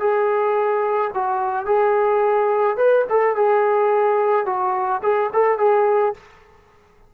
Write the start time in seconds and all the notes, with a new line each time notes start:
0.00 G#4
1.14 F#4
1.66 G#4
2.77 B4
3.10 A4
3.36 G#4
4.46 F#4
5.03 G#4
5.33 A4
5.59 G#4